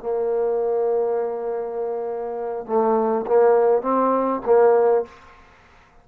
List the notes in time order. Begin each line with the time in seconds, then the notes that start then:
0.00 A#3
2.66 A3
3.26 A#3
3.82 C4
4.46 A#3